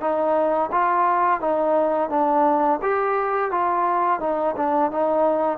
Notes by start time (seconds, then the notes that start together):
0.00 D#4
0.71 F4
1.40 D#4
2.10 D4
2.82 G4
3.51 F4
4.20 D#4
4.56 D4
4.91 D#4